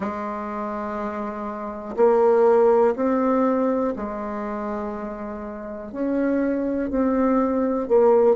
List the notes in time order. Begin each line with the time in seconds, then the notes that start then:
0.00 G#3
1.96 A#3
2.95 C4
3.96 G#3
5.92 C#4
6.89 C4
7.88 A#3